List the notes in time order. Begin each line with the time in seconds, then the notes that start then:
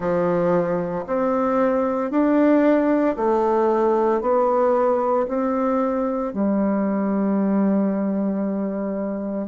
0.00 F3
1.06 C4
2.11 D4
3.16 A3
4.21 B3
5.27 C4
6.33 G3